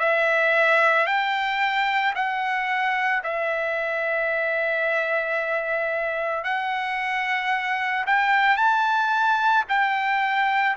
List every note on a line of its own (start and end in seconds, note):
0.00 1.07 E5
1.07 2.14 G5
2.16 3.23 F#5
3.24 6.45 E5
6.45 8.06 F#5
8.06 8.57 G5
8.57 9.64 A5
9.69 10.76 G5